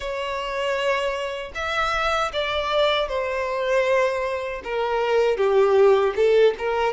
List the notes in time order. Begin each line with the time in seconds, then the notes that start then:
0.00 C#5
1.54 E5
2.32 D5
3.08 C5
4.64 A#4
5.37 G4
6.15 A4
6.58 A#4